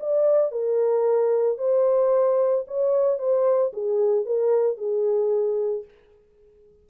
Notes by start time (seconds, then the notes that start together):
0.00 D5
0.52 A#4
1.58 C5
2.68 C#5
3.19 C5
3.73 G#4
4.26 A#4
4.78 G#4